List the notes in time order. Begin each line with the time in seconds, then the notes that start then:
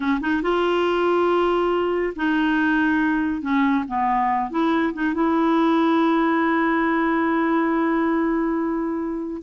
0.00 C#4
0.20 D#4
0.42 F4
2.15 D#4
3.41 C#4
3.87 B3
4.50 E4
4.93 D#4
5.14 E4